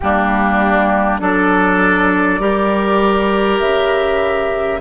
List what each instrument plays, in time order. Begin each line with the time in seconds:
0.00 bassoon G3, clarinet A#3, oboe D4, flute G4
1.19 bassoon F#3, clarinet D4, oboe A4, flute D5
2.39 bassoon G3, clarinet G4, oboe A#4
3.60 bassoon C#3, flute E5